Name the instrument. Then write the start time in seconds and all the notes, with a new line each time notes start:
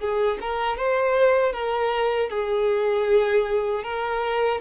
violin
0.00 G#4
0.41 A#4
0.78 C5
1.53 A#4
2.30 G#4
3.84 A#4